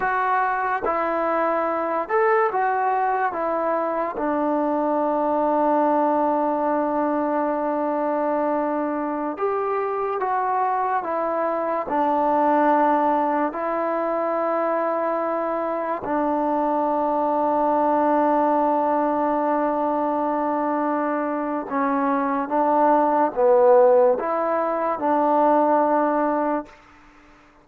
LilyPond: \new Staff \with { instrumentName = "trombone" } { \time 4/4 \tempo 4 = 72 fis'4 e'4. a'8 fis'4 | e'4 d'2.~ | d'2.~ d'16 g'8.~ | g'16 fis'4 e'4 d'4.~ d'16~ |
d'16 e'2. d'8.~ | d'1~ | d'2 cis'4 d'4 | b4 e'4 d'2 | }